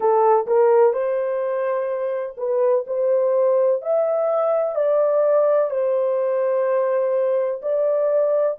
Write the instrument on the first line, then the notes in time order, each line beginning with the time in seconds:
horn
0.00 A4
0.46 A#4
0.93 C5
2.37 B4
2.86 C5
3.82 E5
4.75 D5
5.70 C5
7.61 D5